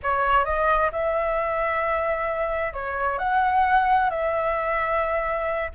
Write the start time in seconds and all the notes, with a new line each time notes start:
0.02 C#5
0.45 D#5
0.92 E5
2.73 C#5
3.18 F#5
4.10 E5